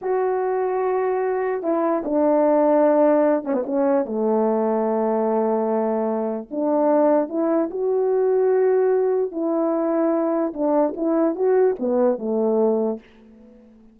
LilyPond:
\new Staff \with { instrumentName = "horn" } { \time 4/4 \tempo 4 = 148 fis'1 | e'4 d'2.~ | d'8 cis'16 b16 cis'4 a2~ | a1 |
d'2 e'4 fis'4~ | fis'2. e'4~ | e'2 d'4 e'4 | fis'4 b4 a2 | }